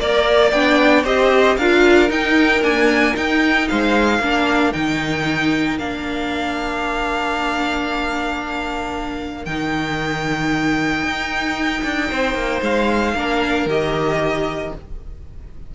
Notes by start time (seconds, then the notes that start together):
0.00 A#3 A#4 D5
0.51 B3 D4 G5
1.04 C4 G4 C5 D#5
1.57 D4 F4 A#4 F5
2.08 D#4 G5
2.62 A#3 D4 G#5
3.15 D#4 G5
3.68 G#3 C5 F5
4.19 A#3 D4 A#4
4.73 D#3 D#4 G5
5.78 A#3 D4 F5
9.45 D#3 D#4 G5
11.03 D#4
11.84 D4
12.10 C4 C5
12.35 A#3
12.61 G#3 F5
13.14 A#3 D4 A#4
13.66 D#3 G4 D#5